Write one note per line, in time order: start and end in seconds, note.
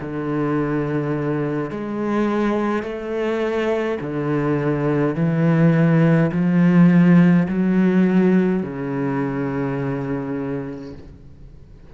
0.00 1.70 D3
1.70 2.82 G#3
2.82 3.98 A3
4.01 5.15 D3
5.15 6.30 E3
6.31 7.47 F3
7.48 8.63 F#3
8.63 10.94 C#3